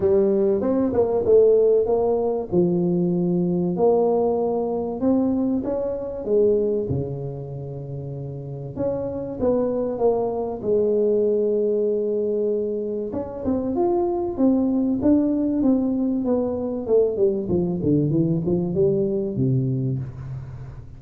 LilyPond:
\new Staff \with { instrumentName = "tuba" } { \time 4/4 \tempo 4 = 96 g4 c'8 ais8 a4 ais4 | f2 ais2 | c'4 cis'4 gis4 cis4~ | cis2 cis'4 b4 |
ais4 gis2.~ | gis4 cis'8 c'8 f'4 c'4 | d'4 c'4 b4 a8 g8 | f8 d8 e8 f8 g4 c4 | }